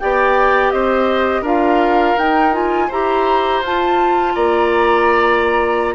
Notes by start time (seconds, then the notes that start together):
0.00 B3 G4 D5 G5
0.71 C4 C5 D#5
1.42 D4 F4 A#4 F5
2.18 D#4 G5
2.53 F4 G#5
2.88 E4 G4 C5 A#5
3.62 F4 A5
4.35 A#3 D5 A#5